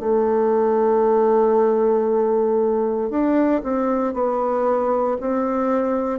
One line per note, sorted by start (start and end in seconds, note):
0.00 3.10 A3
3.10 3.62 D4
3.63 4.14 C4
4.14 5.18 B3
5.21 6.20 C4